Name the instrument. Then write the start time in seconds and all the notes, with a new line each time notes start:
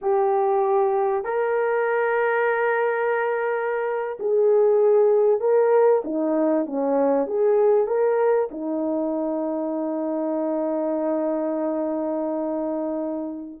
horn
0.01 G4
1.24 A#4
4.19 G#4
5.40 A#4
6.04 D#4
6.66 C#4
7.26 G#4
7.87 A#4
8.51 D#4